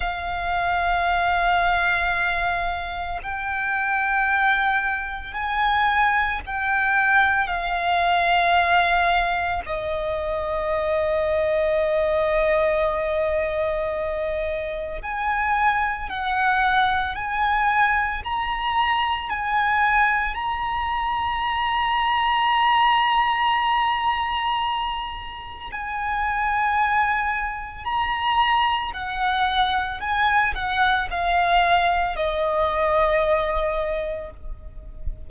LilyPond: \new Staff \with { instrumentName = "violin" } { \time 4/4 \tempo 4 = 56 f''2. g''4~ | g''4 gis''4 g''4 f''4~ | f''4 dis''2.~ | dis''2 gis''4 fis''4 |
gis''4 ais''4 gis''4 ais''4~ | ais''1 | gis''2 ais''4 fis''4 | gis''8 fis''8 f''4 dis''2 | }